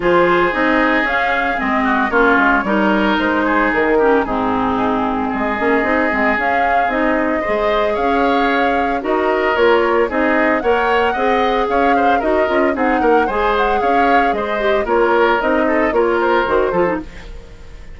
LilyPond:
<<
  \new Staff \with { instrumentName = "flute" } { \time 4/4 \tempo 4 = 113 c''4 dis''4 f''4 dis''4 | cis''2 c''4 ais'4 | gis'2 dis''2 | f''4 dis''2 f''4~ |
f''4 dis''4 cis''4 dis''4 | fis''2 f''4 dis''4 | fis''4 gis''8 fis''8 f''4 dis''4 | cis''4 dis''4 cis''8 c''4. | }
  \new Staff \with { instrumentName = "oboe" } { \time 4/4 gis'2.~ gis'8 fis'8 | f'4 ais'4. gis'4 g'8 | dis'2 gis'2~ | gis'2 c''4 cis''4~ |
cis''4 ais'2 gis'4 | cis''4 dis''4 cis''8 c''8 ais'4 | gis'8 ais'8 c''4 cis''4 c''4 | ais'4. a'8 ais'4. a'8 | }
  \new Staff \with { instrumentName = "clarinet" } { \time 4/4 f'4 dis'4 cis'4 c'4 | cis'4 dis'2~ dis'8 cis'8 | c'2~ c'8 cis'8 dis'8 c'8 | cis'4 dis'4 gis'2~ |
gis'4 fis'4 f'4 dis'4 | ais'4 gis'2 fis'8 f'8 | dis'4 gis'2~ gis'8 g'8 | f'4 dis'4 f'4 fis'8 f'16 dis'16 | }
  \new Staff \with { instrumentName = "bassoon" } { \time 4/4 f4 c'4 cis'4 gis4 | ais8 gis8 g4 gis4 dis4 | gis,2 gis8 ais8 c'8 gis8 | cis'4 c'4 gis4 cis'4~ |
cis'4 dis'4 ais4 c'4 | ais4 c'4 cis'4 dis'8 cis'8 | c'8 ais8 gis4 cis'4 gis4 | ais4 c'4 ais4 dis8 f8 | }
>>